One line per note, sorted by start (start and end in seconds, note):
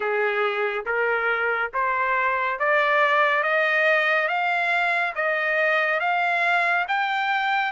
0.00 0.85 G#4
0.85 1.71 A#4
1.73 2.59 C5
2.59 3.43 D5
3.43 4.28 D#5
4.28 5.14 F5
5.15 6.00 D#5
6.00 6.85 F5
6.88 7.72 G5